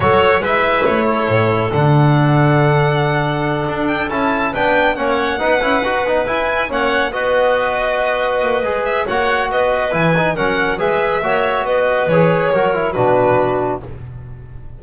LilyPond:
<<
  \new Staff \with { instrumentName = "violin" } { \time 4/4 \tempo 4 = 139 cis''4 e''4 cis''2 | fis''1~ | fis''4 g''8 a''4 g''4 fis''8~ | fis''2~ fis''8 gis''4 fis''8~ |
fis''8 dis''2.~ dis''8~ | dis''8 e''8 fis''4 dis''4 gis''4 | fis''4 e''2 dis''4 | cis''2 b'2 | }
  \new Staff \with { instrumentName = "clarinet" } { \time 4/4 a'4 b'4. a'4.~ | a'1~ | a'2~ a'8 b'4 cis''8~ | cis''8 b'2. cis''8~ |
cis''8 b'2.~ b'8~ | b'4 cis''4 b'2 | ais'4 b'4 cis''4 b'4~ | b'4 ais'4 fis'2 | }
  \new Staff \with { instrumentName = "trombone" } { \time 4/4 fis'4 e'2. | d'1~ | d'4. e'4 d'4 cis'8~ | cis'8 dis'8 e'8 fis'8 dis'8 e'4 cis'8~ |
cis'8 fis'2.~ fis'8 | gis'4 fis'2 e'8 dis'8 | cis'4 gis'4 fis'2 | gis'4 fis'8 e'8 d'2 | }
  \new Staff \with { instrumentName = "double bass" } { \time 4/4 fis4 gis4 a4 a,4 | d1~ | d8 d'4 cis'4 b4 ais8~ | ais8 b8 cis'8 dis'8 b8 e'4 ais8~ |
ais8 b2. ais8 | gis4 ais4 b4 e4 | fis4 gis4 ais4 b4 | e4 fis4 b,2 | }
>>